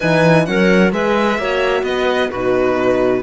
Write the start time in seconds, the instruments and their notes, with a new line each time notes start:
0.00 cello E3, horn D#4, clarinet B4, violin G#5
0.45 cello F#3, horn C#4, clarinet A#4, violin F#5
0.91 cello G#3, horn G#4, clarinet B4, violin E5
1.38 cello A#3, horn F#4, clarinet C#5
1.83 cello B3, clarinet B4, violin D#5
2.30 cello B2, horn D#4, clarinet F#4, violin B4